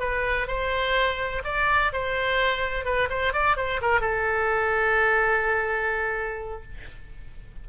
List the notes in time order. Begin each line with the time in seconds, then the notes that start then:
0.00 B4
0.47 C5
1.45 D5
1.93 C5
2.85 B4
3.10 C5
3.33 D5
3.57 C5
3.82 A#4
4.01 A4